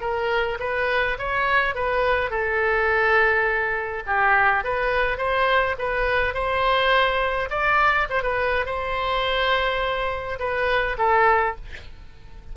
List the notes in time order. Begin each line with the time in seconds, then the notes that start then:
0.00 A#4
0.59 B4
1.18 C#5
1.74 B4
2.30 A4
4.06 G4
4.64 B4
5.17 C5
5.78 B4
6.34 C5
7.49 D5
8.09 C5
8.22 B4
8.65 C5
10.39 B4
10.98 A4